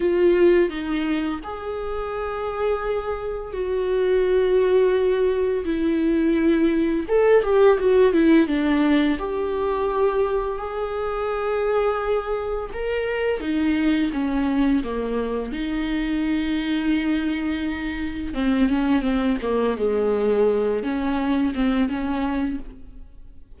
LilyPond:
\new Staff \with { instrumentName = "viola" } { \time 4/4 \tempo 4 = 85 f'4 dis'4 gis'2~ | gis'4 fis'2. | e'2 a'8 g'8 fis'8 e'8 | d'4 g'2 gis'4~ |
gis'2 ais'4 dis'4 | cis'4 ais4 dis'2~ | dis'2 c'8 cis'8 c'8 ais8 | gis4. cis'4 c'8 cis'4 | }